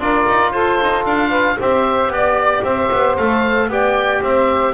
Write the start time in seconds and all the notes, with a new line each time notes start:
0.00 D4 F4 A#4 D5
0.29 D#4
0.52 F4 A4 C5
0.81 D#4
1.05 D4 F5
1.29 B4
1.60 C4 G4 C5 E5
2.09 B3 D5
2.63 C4 C5 E5
2.92 B3
3.17 A3 A4 F5
3.68 B3 G4 D5 G5
4.21 C4 C5 E5